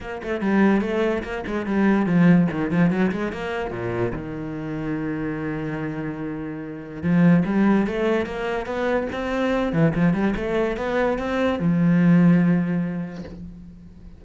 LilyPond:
\new Staff \with { instrumentName = "cello" } { \time 4/4 \tempo 4 = 145 ais8 a8 g4 a4 ais8 gis8 | g4 f4 dis8 f8 fis8 gis8 | ais4 ais,4 dis2~ | dis1~ |
dis4 f4 g4 a4 | ais4 b4 c'4. e8 | f8 g8 a4 b4 c'4 | f1 | }